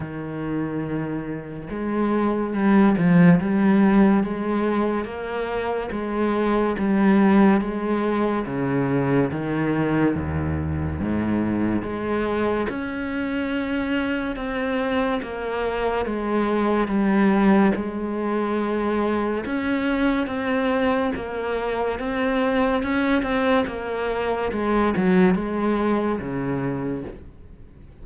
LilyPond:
\new Staff \with { instrumentName = "cello" } { \time 4/4 \tempo 4 = 71 dis2 gis4 g8 f8 | g4 gis4 ais4 gis4 | g4 gis4 cis4 dis4 | dis,4 gis,4 gis4 cis'4~ |
cis'4 c'4 ais4 gis4 | g4 gis2 cis'4 | c'4 ais4 c'4 cis'8 c'8 | ais4 gis8 fis8 gis4 cis4 | }